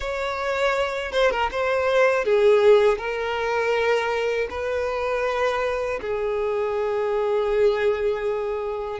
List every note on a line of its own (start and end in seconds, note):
0.00 1.11 C#5
1.11 1.30 C5
1.30 1.49 A#4
1.51 2.24 C5
2.24 2.98 G#4
2.98 4.48 A#4
4.50 6.00 B4
6.01 8.99 G#4